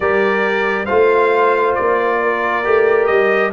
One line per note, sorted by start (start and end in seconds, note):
0.00 0.88 G3
0.00 0.88 G4
0.00 0.85 A#4
0.00 0.85 D5
0.85 1.77 A3
0.85 2.64 F4
0.85 2.17 C5
0.85 1.74 F5
1.74 2.66 A#3
1.74 3.06 D5
2.21 3.53 A#4
2.64 3.09 A3
2.64 3.52 G4
3.06 3.53 G3
3.06 3.50 D#5